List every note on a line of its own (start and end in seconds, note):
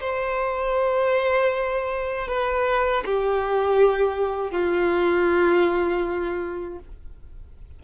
0.00 2.28 C5
2.28 3.03 B4
3.05 4.51 G4
4.51 6.79 F4